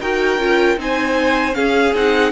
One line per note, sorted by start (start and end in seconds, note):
0.00 0.37 D#4
0.00 0.38 F#4
0.00 0.78 A#4
0.00 0.78 G5
0.37 0.76 C#4
0.37 0.77 F4
0.77 1.55 C4
0.77 1.52 D#4
0.77 1.56 C5
0.77 1.54 G#5
1.52 1.91 C#4
1.52 1.94 C#4
1.52 2.32 G#4
1.52 1.93 F5
1.94 2.32 C4
1.94 2.32 D#4
1.94 2.32 F#5